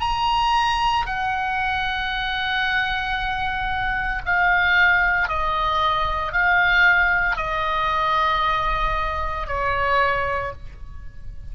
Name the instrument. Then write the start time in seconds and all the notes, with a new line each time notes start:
oboe
0.00 A#5
1.06 F#5
4.25 F5
5.28 D#5
6.32 F5
7.36 D#5
9.47 C#5